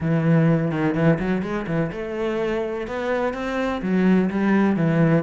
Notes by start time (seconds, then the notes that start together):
0.00 E3
0.71 D#3
0.94 E3
1.19 F#3
1.42 G#3
1.66 E3
1.92 A3
2.87 B3
3.33 C4
3.82 F#3
4.30 G3
4.76 E3